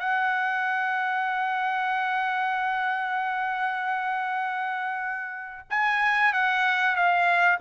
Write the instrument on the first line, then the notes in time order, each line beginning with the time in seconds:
trumpet
0.00 F#5
5.71 G#5
6.34 F#5
6.96 F5